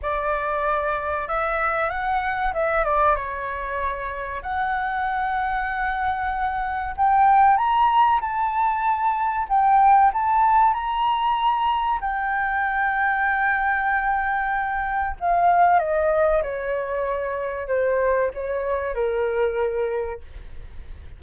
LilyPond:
\new Staff \with { instrumentName = "flute" } { \time 4/4 \tempo 4 = 95 d''2 e''4 fis''4 | e''8 d''8 cis''2 fis''4~ | fis''2. g''4 | ais''4 a''2 g''4 |
a''4 ais''2 g''4~ | g''1 | f''4 dis''4 cis''2 | c''4 cis''4 ais'2 | }